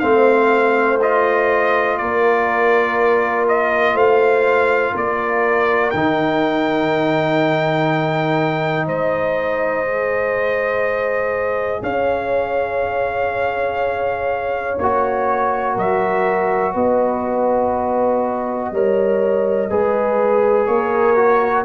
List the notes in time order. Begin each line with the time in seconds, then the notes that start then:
0.00 A3 C4 C5 F5
1.02 F4 D#5
1.98 A#3 A#4 D5
3.48 D#5
3.94 A3 C5 F5
4.93 A#3 A#4 D5
5.91 D#3 D#4 G5
8.86 G#3 C5 D#5
9.86 G#4
11.82 C#4 C#5 F5
14.78 A#3 F#4 C#5
15.74 F#3 A#4 E5
16.74 B3 B4 D#5
18.72 G3 A#4 C#5
19.70 G#3 G#4 B4
20.66 A#3 A#4 C#5
21.16 F#4